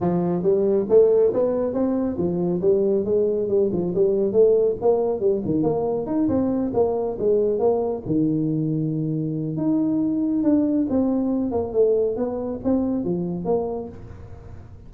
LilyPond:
\new Staff \with { instrumentName = "tuba" } { \time 4/4 \tempo 4 = 138 f4 g4 a4 b4 | c'4 f4 g4 gis4 | g8 f8 g4 a4 ais4 | g8 dis8 ais4 dis'8 c'4 ais8~ |
ais8 gis4 ais4 dis4.~ | dis2 dis'2 | d'4 c'4. ais8 a4 | b4 c'4 f4 ais4 | }